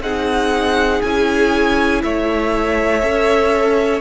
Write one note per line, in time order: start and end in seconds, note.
0.00 1.00 C4
0.00 1.03 D#4
0.00 2.03 G#4
0.00 1.02 F#5
1.02 2.03 C#4
1.02 3.02 E4
1.02 2.02 G#5
2.03 3.02 A3
2.03 4.01 C#5
2.03 4.01 E5
3.02 4.01 C#4
3.02 4.01 A4